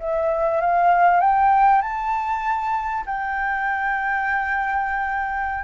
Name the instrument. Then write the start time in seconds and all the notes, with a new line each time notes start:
flute
0.00 E5
0.61 F5
1.21 G5
1.81 A5
3.06 G5